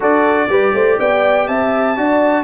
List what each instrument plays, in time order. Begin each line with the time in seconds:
0.00 tuba D4, trombone F#4, horn A4, trumpet D5
0.48 tuba G3, trombone G4, horn B4
0.74 tuba A3, horn C5
0.99 tuba B3, horn D5, trumpet G5
1.47 tuba C4, horn E5, trumpet A5
1.96 tuba D4, trombone F#4, horn D5